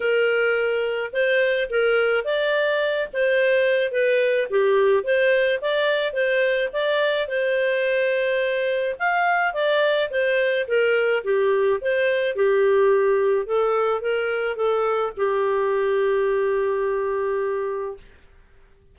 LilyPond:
\new Staff \with { instrumentName = "clarinet" } { \time 4/4 \tempo 4 = 107 ais'2 c''4 ais'4 | d''4. c''4. b'4 | g'4 c''4 d''4 c''4 | d''4 c''2. |
f''4 d''4 c''4 ais'4 | g'4 c''4 g'2 | a'4 ais'4 a'4 g'4~ | g'1 | }